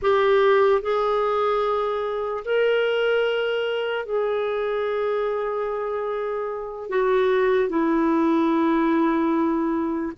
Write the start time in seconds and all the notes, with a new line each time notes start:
0.01 G4
0.81 G#4
2.45 A#4
4.05 G#4
6.89 F#4
7.69 E4